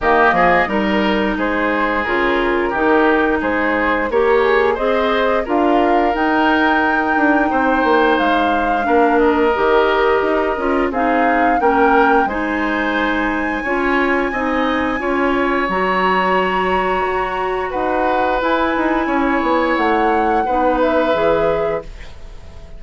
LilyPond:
<<
  \new Staff \with { instrumentName = "flute" } { \time 4/4 \tempo 4 = 88 dis''4 ais'4 c''4 ais'4~ | ais'4 c''4 ais'8 gis'8 dis''4 | f''4 g''2. | f''4. dis''2~ dis''8 |
f''4 g''4 gis''2~ | gis''2. ais''4~ | ais''2 fis''4 gis''4~ | gis''4 fis''4. e''4. | }
  \new Staff \with { instrumentName = "oboe" } { \time 4/4 g'8 gis'8 ais'4 gis'2 | g'4 gis'4 cis''4 c''4 | ais'2. c''4~ | c''4 ais'2. |
gis'4 ais'4 c''2 | cis''4 dis''4 cis''2~ | cis''2 b'2 | cis''2 b'2 | }
  \new Staff \with { instrumentName = "clarinet" } { \time 4/4 ais4 dis'2 f'4 | dis'2 g'4 gis'4 | f'4 dis'2.~ | dis'4 d'4 g'4. f'8 |
dis'4 cis'4 dis'2 | f'4 dis'4 f'4 fis'4~ | fis'2. e'4~ | e'2 dis'4 gis'4 | }
  \new Staff \with { instrumentName = "bassoon" } { \time 4/4 dis8 f8 g4 gis4 cis4 | dis4 gis4 ais4 c'4 | d'4 dis'4. d'8 c'8 ais8 | gis4 ais4 dis4 dis'8 cis'8 |
c'4 ais4 gis2 | cis'4 c'4 cis'4 fis4~ | fis4 fis'4 dis'4 e'8 dis'8 | cis'8 b8 a4 b4 e4 | }
>>